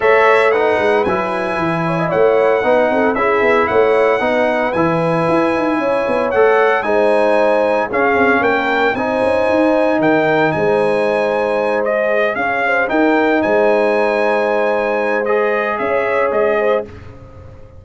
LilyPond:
<<
  \new Staff \with { instrumentName = "trumpet" } { \time 4/4 \tempo 4 = 114 e''4 fis''4 gis''2 | fis''2 e''4 fis''4~ | fis''4 gis''2. | fis''4 gis''2 f''4 |
g''4 gis''2 g''4 | gis''2~ gis''8 dis''4 f''8~ | f''8 g''4 gis''2~ gis''8~ | gis''4 dis''4 e''4 dis''4 | }
  \new Staff \with { instrumentName = "horn" } { \time 4/4 cis''4 b'2~ b'8 cis''16 dis''16 | cis''4 b'8 a'8 gis'4 cis''4 | b'2. cis''4~ | cis''4 c''2 gis'4 |
ais'4 c''2 ais'4 | c''2.~ c''8 cis''8 | c''8 ais'4 c''2~ c''8~ | c''2 cis''4. c''8 | }
  \new Staff \with { instrumentName = "trombone" } { \time 4/4 a'4 dis'4 e'2~ | e'4 dis'4 e'2 | dis'4 e'2. | a'4 dis'2 cis'4~ |
cis'4 dis'2.~ | dis'2~ dis'8 gis'4.~ | gis'8 dis'2.~ dis'8~ | dis'4 gis'2. | }
  \new Staff \with { instrumentName = "tuba" } { \time 4/4 a4. gis8 fis4 e4 | a4 b8 c'8 cis'8 b8 a4 | b4 e4 e'8 dis'8 cis'8 b8 | a4 gis2 cis'8 c'8 |
ais4 c'8 cis'8 dis'4 dis4 | gis2.~ gis8 cis'8~ | cis'8 dis'4 gis2~ gis8~ | gis2 cis'4 gis4 | }
>>